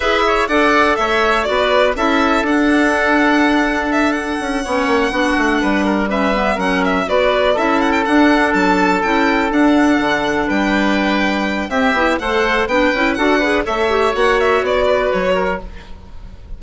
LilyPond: <<
  \new Staff \with { instrumentName = "violin" } { \time 4/4 \tempo 4 = 123 e''4 fis''4 e''4 d''4 | e''4 fis''2. | e''8 fis''2.~ fis''8~ | fis''8 e''4 fis''8 e''8 d''4 e''8 |
fis''16 g''16 fis''4 a''4 g''4 fis''8~ | fis''4. g''2~ g''8 | e''4 fis''4 g''4 fis''4 | e''4 fis''8 e''8 d''4 cis''4 | }
  \new Staff \with { instrumentName = "oboe" } { \time 4/4 b'8 cis''8 d''4 cis''4 b'4 | a'1~ | a'4. cis''4 fis'4 b'8 | ais'8 b'4 ais'4 b'4 a'8~ |
a'1~ | a'4. b'2~ b'8 | g'4 c''4 b'4 a'8 b'8 | cis''2~ cis''8 b'4 ais'8 | }
  \new Staff \with { instrumentName = "clarinet" } { \time 4/4 gis'4 a'2 fis'4 | e'4 d'2.~ | d'4. cis'4 d'4.~ | d'8 cis'8 b8 cis'4 fis'4 e'8~ |
e'8 d'2 e'4 d'8~ | d'1 | c'8 e'8 a'4 d'8 e'8 fis'8 gis'8 | a'8 g'8 fis'2. | }
  \new Staff \with { instrumentName = "bassoon" } { \time 4/4 e'4 d'4 a4 b4 | cis'4 d'2.~ | d'4 cis'8 b8 ais8 b8 a8 g8~ | g4. fis4 b4 cis'8~ |
cis'8 d'4 fis4 cis'4 d'8~ | d'8 d4 g2~ g8 | c'8 b8 a4 b8 cis'8 d'4 | a4 ais4 b4 fis4 | }
>>